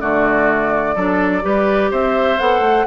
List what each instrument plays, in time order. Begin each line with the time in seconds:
0.00 bassoon D3, clarinet A3, oboe F#4, flute D5
0.95 bassoon F#3, clarinet D4, oboe A4
1.42 bassoon G3, clarinet G4, oboe B4
1.91 bassoon C4, oboe C5, flute E5
2.39 bassoon B3, clarinet A4, flute F#5
2.60 bassoon A3